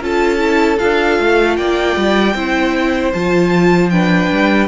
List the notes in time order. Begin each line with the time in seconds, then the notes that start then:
0.00 C#4 F4 A4 A5
0.38 E4
0.78 D4 F4 F5
1.19 A3
1.56 A#3 D5 G5
1.96 G3
2.34 C4 E4 C5
3.13 F3 F4 A5
3.90 D4 B4 G5
4.31 G3